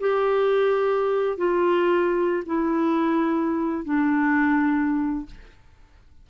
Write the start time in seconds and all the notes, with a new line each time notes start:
0.00 G4
1.37 F4
2.45 E4
3.84 D4